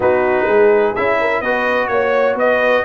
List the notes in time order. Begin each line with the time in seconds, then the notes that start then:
0.00 B3 D#4 F#4 B4
0.46 G#3 G#4
0.95 C#4 E4 E5
1.20 A#4
1.40 B3 F#4 B4 D#5
1.87 A#3 C#5
2.34 B3 B4 D#5